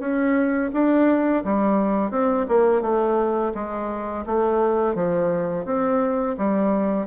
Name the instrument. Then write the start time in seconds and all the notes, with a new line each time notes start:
bassoon
0.00 C#4
0.73 D4
1.45 G3
2.11 C4
2.49 A#3
2.82 A3
3.55 G#3
4.26 A3
4.95 F3
5.66 C4
6.38 G3